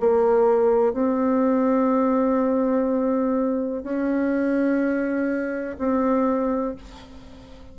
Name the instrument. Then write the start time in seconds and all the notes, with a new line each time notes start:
bassoon
0.00 A#3
0.93 C4
3.83 C#4
5.78 C4